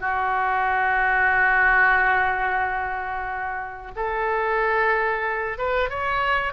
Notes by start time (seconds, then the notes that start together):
0.00 F#4
3.96 A4
5.58 B4
5.90 C#5